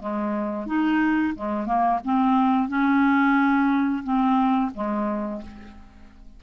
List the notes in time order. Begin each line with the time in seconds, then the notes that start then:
0.00 G#3
0.67 D#4
1.36 G#3
1.66 A#3
2.05 C4
2.69 C#4
4.04 C4
4.75 G#3